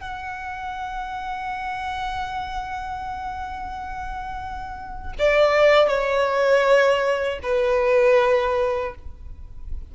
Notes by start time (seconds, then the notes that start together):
0.00 F#5
5.19 D5
5.88 C#5
7.43 B4